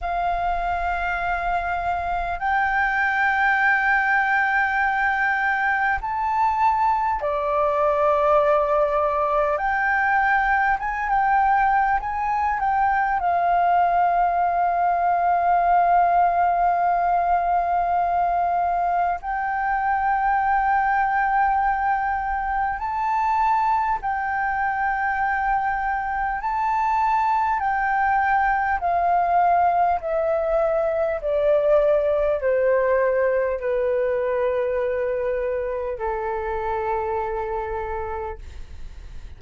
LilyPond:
\new Staff \with { instrumentName = "flute" } { \time 4/4 \tempo 4 = 50 f''2 g''2~ | g''4 a''4 d''2 | g''4 gis''16 g''8. gis''8 g''8 f''4~ | f''1 |
g''2. a''4 | g''2 a''4 g''4 | f''4 e''4 d''4 c''4 | b'2 a'2 | }